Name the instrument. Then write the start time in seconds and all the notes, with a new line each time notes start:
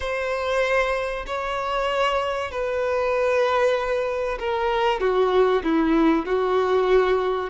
violin
0.00 C5
1.26 C#5
2.51 B4
4.39 A#4
5.00 F#4
5.63 E4
6.25 F#4